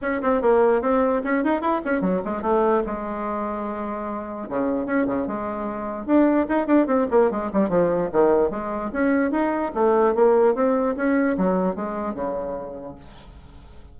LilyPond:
\new Staff \with { instrumentName = "bassoon" } { \time 4/4 \tempo 4 = 148 cis'8 c'8 ais4 c'4 cis'8 dis'8 | e'8 cis'8 fis8 gis8 a4 gis4~ | gis2. cis4 | cis'8 cis8 gis2 d'4 |
dis'8 d'8 c'8 ais8 gis8 g8 f4 | dis4 gis4 cis'4 dis'4 | a4 ais4 c'4 cis'4 | fis4 gis4 cis2 | }